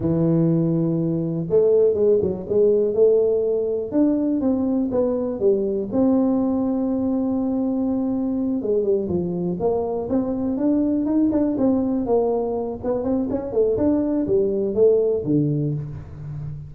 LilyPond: \new Staff \with { instrumentName = "tuba" } { \time 4/4 \tempo 4 = 122 e2. a4 | gis8 fis8 gis4 a2 | d'4 c'4 b4 g4 | c'1~ |
c'4. gis8 g8 f4 ais8~ | ais8 c'4 d'4 dis'8 d'8 c'8~ | c'8 ais4. b8 c'8 cis'8 a8 | d'4 g4 a4 d4 | }